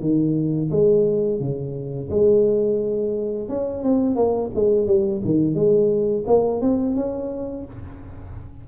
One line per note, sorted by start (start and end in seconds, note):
0.00 0.70 D#3
0.71 1.40 G#3
1.40 2.09 C#3
2.10 3.49 G#3
3.49 3.83 C#4
3.83 4.15 C4
4.15 4.50 A#3
4.55 4.87 G#3
4.87 5.22 G3
5.25 5.55 D#3
5.55 6.24 G#3
6.27 6.61 A#3
6.61 6.95 C4
6.95 7.65 C#4